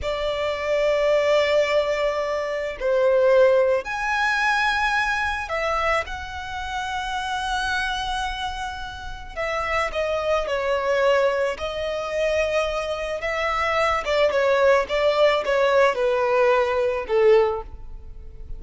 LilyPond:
\new Staff \with { instrumentName = "violin" } { \time 4/4 \tempo 4 = 109 d''1~ | d''4 c''2 gis''4~ | gis''2 e''4 fis''4~ | fis''1~ |
fis''4 e''4 dis''4 cis''4~ | cis''4 dis''2. | e''4. d''8 cis''4 d''4 | cis''4 b'2 a'4 | }